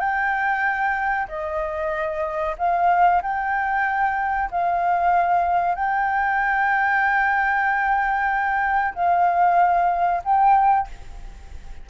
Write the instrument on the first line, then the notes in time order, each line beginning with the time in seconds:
flute
0.00 G5
1.29 D#5
2.59 F5
3.23 G5
4.51 F5
5.75 G5
8.95 F5
10.24 G5